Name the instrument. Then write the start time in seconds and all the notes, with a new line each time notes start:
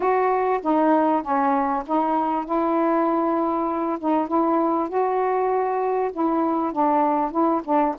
saxophone
0.00 F#4
0.62 D#4
1.22 C#4
1.86 D#4
2.45 E4
3.99 D#4
4.27 E4
4.88 F#4
6.12 E4
6.72 D4
7.31 E4
7.64 D4